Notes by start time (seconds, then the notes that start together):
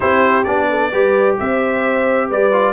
0.00 C4 E4 G4 C5
0.44 B3 D4 D5
0.69 A4
0.91 G3 G4 B4
1.39 C4 C5 E5
2.28 G3 B4 D5
2.51 F4